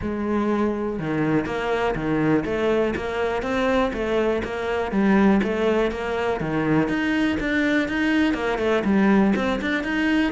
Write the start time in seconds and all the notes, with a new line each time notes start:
0.01 G#3
0.99 D#3
1.45 A#3
1.95 D#3
2.45 A3
2.96 A#3
3.42 C4
3.93 A3
4.44 A#3
4.91 G3
5.43 A3
5.91 A#3
6.40 D#3
6.88 D#4
7.39 D4
7.88 D#4
8.34 A#3
8.58 A3
8.84 G3
9.35 C4
9.61 D4
9.83 D#4